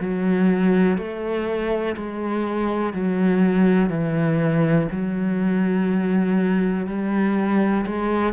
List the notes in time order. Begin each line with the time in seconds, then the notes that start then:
0.00 F#3
0.98 A3
1.97 G#3
2.94 F#3
3.90 E3
4.92 F#3
6.87 G3
7.86 G#3